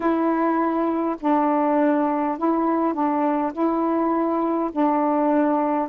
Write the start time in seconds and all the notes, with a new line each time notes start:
0.00 E4
1.20 D4
2.38 E4
2.93 D4
3.52 E4
4.72 D4